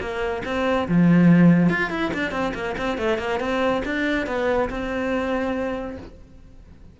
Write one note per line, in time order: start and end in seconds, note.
0.00 0.43 A#3
0.45 0.87 C4
0.88 1.69 F3
1.69 1.90 F4
1.90 2.11 E4
2.13 2.31 D4
2.31 2.52 C4
2.54 2.75 A#3
2.77 2.97 C4
2.97 3.18 A3
3.18 3.39 A#3
3.39 3.82 C4
3.85 4.26 D4
4.26 4.69 B3
4.69 5.97 C4